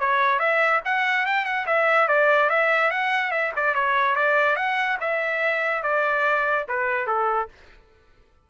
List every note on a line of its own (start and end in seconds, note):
0.00 0.39 C#5
0.39 0.81 E5
0.85 1.26 F#5
1.26 1.45 G5
1.45 1.66 F#5
1.67 2.08 E5
2.08 2.50 D5
2.50 2.91 E5
2.91 3.31 F#5
3.31 3.52 E5
3.56 3.75 D5
3.75 4.16 C#5
4.16 4.56 D5
4.56 4.98 F#5
5.01 5.83 E5
5.83 6.66 D5
6.69 7.07 B4
7.07 7.49 A4